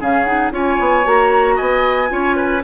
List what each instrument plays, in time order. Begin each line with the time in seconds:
0.00 bassoon C#3, clarinet C#4, oboe G#4, flute F5
0.24 clarinet D#4, flute F#5
0.51 bassoon C#4, clarinet F4, oboe C#5, flute G#5
0.80 bassoon B3
1.04 bassoon A#3, clarinet F#4, flute A#5
1.56 bassoon B3, oboe D#5, flute G#5
2.08 bassoon C#4, clarinet F4, oboe C#5
2.36 oboe B4